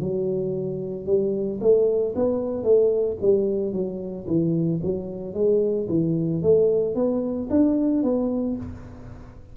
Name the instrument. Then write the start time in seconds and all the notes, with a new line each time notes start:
tuba
0.00 F#3
1.06 G3
1.60 A3
2.15 B3
2.63 A3
3.21 G3
3.72 F#3
4.27 E3
4.82 F#3
5.33 G#3
5.88 E3
6.42 A3
6.95 B3
7.50 D4
8.03 B3